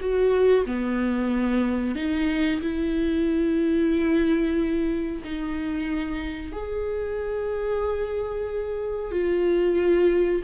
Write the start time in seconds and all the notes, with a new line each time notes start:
0.00 F#4
0.66 B3
1.95 D#4
2.61 E4
5.24 D#4
6.52 G#4
9.11 F4